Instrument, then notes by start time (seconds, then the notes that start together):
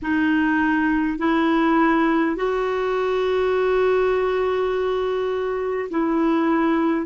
clarinet
0.02 D#4
1.18 E4
2.36 F#4
5.89 E4